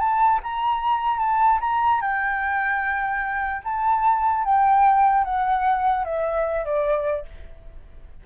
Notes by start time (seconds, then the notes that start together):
0.00 A5
0.44 A#5
1.19 A5
1.61 A#5
2.01 G5
3.65 A5
4.44 G5
5.25 F#5
6.05 E5
6.65 D5